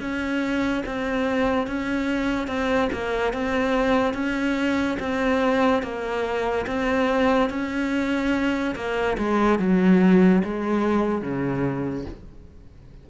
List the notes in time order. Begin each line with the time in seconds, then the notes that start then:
0.00 C#4
0.86 C4
1.67 C#4
2.47 C4
2.92 A#3
3.33 C4
4.14 C#4
4.99 C4
5.83 A#3
6.66 C4
7.50 C#4
8.75 A#3
9.18 G#3
9.59 F#3
10.44 G#3
11.22 C#3